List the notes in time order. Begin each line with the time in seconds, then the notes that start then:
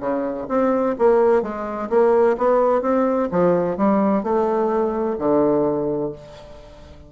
0.00 C#3
0.48 C4
0.98 A#3
1.42 G#3
1.90 A#3
2.37 B3
2.82 C4
3.31 F3
3.77 G3
4.23 A3
5.18 D3